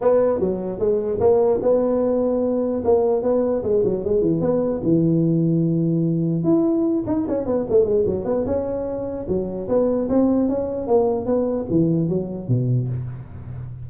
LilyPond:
\new Staff \with { instrumentName = "tuba" } { \time 4/4 \tempo 4 = 149 b4 fis4 gis4 ais4 | b2. ais4 | b4 gis8 fis8 gis8 e8 b4 | e1 |
e'4. dis'8 cis'8 b8 a8 gis8 | fis8 b8 cis'2 fis4 | b4 c'4 cis'4 ais4 | b4 e4 fis4 b,4 | }